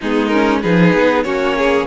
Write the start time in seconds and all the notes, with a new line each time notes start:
0.01 G#3 B3 D#4 G#4
0.27 C#4 A#4
0.61 F3 D#4 G#4 B4
0.93 B3
1.23 A#3 C#4 F#4 C#5
1.57 G#4